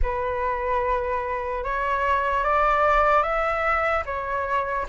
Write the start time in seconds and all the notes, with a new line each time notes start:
0.02 B4
1.64 C#5
2.43 D5
3.22 E5
4.05 C#5